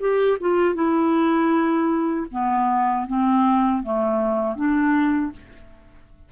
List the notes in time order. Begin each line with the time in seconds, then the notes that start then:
0.00 G4
0.40 F4
0.75 E4
2.31 B3
3.07 C4
3.83 A3
4.56 D4